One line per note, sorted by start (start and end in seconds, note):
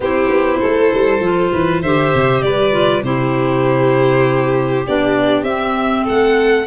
0.00 0.29 C4
0.00 1.22 E4
0.00 0.59 G4
0.00 1.82 C5
0.29 0.59 B3
0.59 0.93 A3
0.59 1.50 A4
0.93 1.20 G3
1.20 1.50 F3
1.20 1.83 F4
1.52 1.82 E3
1.52 1.81 B4
1.81 2.13 D3
1.81 2.71 G4
1.81 2.42 C5
1.81 2.41 E5
2.14 2.43 C3
2.41 3.02 G3
2.41 3.03 B4
2.41 3.02 D5
2.71 3.02 F4
3.02 4.84 C3
3.02 4.85 E4
3.02 6.03 G4
3.02 4.86 C5
4.86 5.42 B3
4.86 5.45 D4
4.86 5.44 D5
5.42 6.03 C4
5.42 6.66 C4
5.42 6.04 E5
6.03 6.67 A3
6.03 6.64 A4
6.03 6.67 F#5